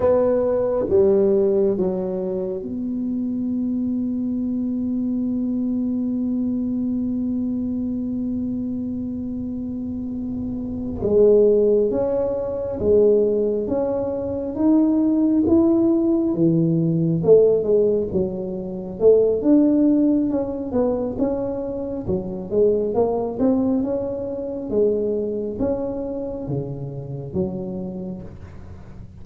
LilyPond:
\new Staff \with { instrumentName = "tuba" } { \time 4/4 \tempo 4 = 68 b4 g4 fis4 b4~ | b1~ | b1~ | b8 gis4 cis'4 gis4 cis'8~ |
cis'8 dis'4 e'4 e4 a8 | gis8 fis4 a8 d'4 cis'8 b8 | cis'4 fis8 gis8 ais8 c'8 cis'4 | gis4 cis'4 cis4 fis4 | }